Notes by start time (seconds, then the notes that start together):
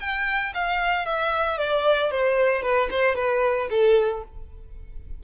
0.00 G5
0.55 F5
1.06 E5
1.58 D5
2.11 C5
2.63 B4
2.91 C5
3.16 B4
3.71 A4